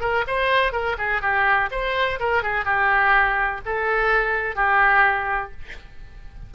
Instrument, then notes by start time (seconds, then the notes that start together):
oboe
0.00 A#4
0.27 C5
0.72 A#4
0.98 G#4
1.21 G4
1.71 C5
2.19 A#4
2.42 G#4
2.64 G4
3.65 A4
4.55 G4